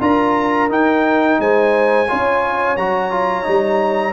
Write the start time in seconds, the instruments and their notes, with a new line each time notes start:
0.00 tuba D4, trombone F4, horn A#4, trumpet A#5
0.69 trombone D#4, tuba D#4, trumpet G5
1.39 tuba G#3, horn C5, trumpet G#5
2.08 tuba C#4, trombone F4, horn C#5
2.76 tuba F#3, trombone F#4, trumpet A#5
3.11 trombone F4
3.43 tuba G3, trombone D#4